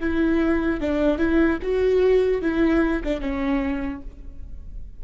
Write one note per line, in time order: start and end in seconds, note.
0.00 0.81 E4
0.81 1.18 D4
1.18 1.59 E4
1.63 2.42 F#4
2.42 3.03 E4
3.04 3.21 D4
3.21 4.02 C#4